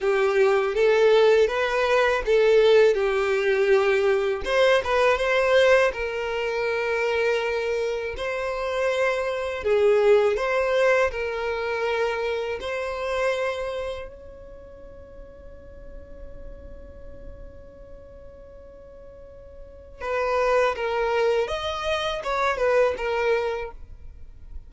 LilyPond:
\new Staff \with { instrumentName = "violin" } { \time 4/4 \tempo 4 = 81 g'4 a'4 b'4 a'4 | g'2 c''8 b'8 c''4 | ais'2. c''4~ | c''4 gis'4 c''4 ais'4~ |
ais'4 c''2 cis''4~ | cis''1~ | cis''2. b'4 | ais'4 dis''4 cis''8 b'8 ais'4 | }